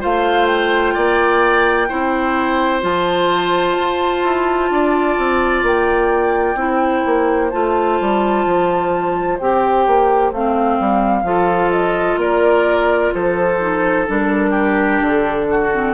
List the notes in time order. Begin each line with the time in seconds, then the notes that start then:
0.00 A3 F4 C5 F5
0.46 G5
0.94 A#3 D5
1.88 C4 E4 C5
2.81 F3 F4 A5
3.78 F4
4.23 E4
4.71 D4 D5
5.18 C4
5.63 A#3 G5
6.55 C4 E4 C5
7.06 A#3
7.50 A3 F4 A5
8.00 G3
8.46 F3
9.39 C4 G4 G5
9.87 A#3
10.32 A3 C4 F5
10.80 G3
11.23 F3 F4 A4
11.71 D#5
12.17 A#3 A#4 D5
13.14 F3 A4 C5
13.60 D#4
14.07 G3 D4 A#4
14.51 G4
15.01 D3 A4
15.50 F#4
15.73 C4